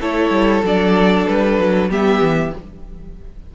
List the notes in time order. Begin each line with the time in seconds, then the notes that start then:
0.00 A3 E4 A4 C#5
0.30 G3
0.63 F#3 D4 D5
1.27 G3 B4
1.58 F#3
1.89 G3 B3 G4 E5
2.21 E3